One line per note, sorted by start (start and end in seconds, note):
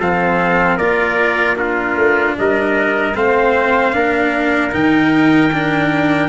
0.00 0.78 F3
0.00 0.80 C4
0.00 0.77 A4
0.00 0.78 F5
0.77 1.96 A#3
0.77 1.56 F4
0.77 1.56 A#4
0.77 1.57 D5
1.56 3.14 D4
1.56 2.38 F4
1.56 2.36 A#4
1.96 2.36 A3
2.39 3.15 G3
2.39 3.16 A#4
2.39 3.16 D#5
3.15 3.94 A3
3.15 3.93 C4
3.15 3.95 C5
3.15 4.74 F5
3.93 4.74 A#3
3.93 4.72 D4
3.93 6.29 A#4
4.72 6.29 D#3
4.72 5.51 D#4
4.72 6.29 G5
5.53 6.29 D4